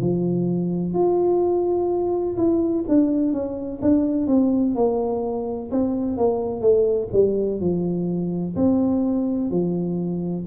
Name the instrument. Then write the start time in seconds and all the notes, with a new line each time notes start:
tuba
0.00 F3
0.94 F4
2.38 E4
2.89 D4
3.33 C#4
3.82 D4
4.28 C4
4.76 A#3
5.71 C4
6.18 A#3
6.61 A3
7.13 G3
7.61 F3
8.56 C4
9.51 F3